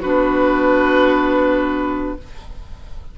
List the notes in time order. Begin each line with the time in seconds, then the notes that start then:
0.00 B3 D4 F#4 B4